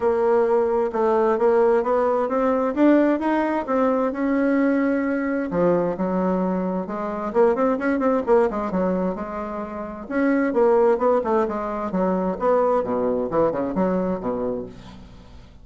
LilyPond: \new Staff \with { instrumentName = "bassoon" } { \time 4/4 \tempo 4 = 131 ais2 a4 ais4 | b4 c'4 d'4 dis'4 | c'4 cis'2. | f4 fis2 gis4 |
ais8 c'8 cis'8 c'8 ais8 gis8 fis4 | gis2 cis'4 ais4 | b8 a8 gis4 fis4 b4 | b,4 e8 cis8 fis4 b,4 | }